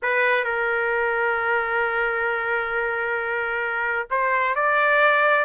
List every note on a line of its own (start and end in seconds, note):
0.02 0.44 B4
0.44 4.08 A#4
4.10 4.55 C5
4.55 5.45 D5